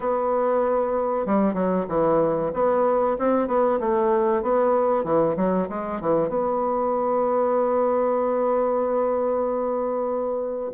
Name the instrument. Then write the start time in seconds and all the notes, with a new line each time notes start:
bassoon
0.00 B3
1.26 G3
1.54 F#3
1.88 E3
2.53 B3
3.18 C4
3.47 B3
3.80 A3
4.42 B3
5.04 E3
5.36 F#3
5.69 G#3
6.00 E3
6.28 B3